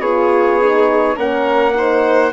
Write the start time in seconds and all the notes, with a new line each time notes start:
0.00 B3 F4 G#4 C#5
0.61 D#4
1.15 A#3 C#4 A#4 F#5
1.74 D#4 C5